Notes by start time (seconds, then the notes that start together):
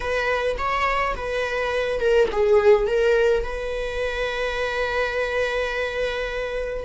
0.00 B4
0.58 C#5
1.16 B4
2.00 A#4
2.32 G#4
2.86 A#4
3.43 B4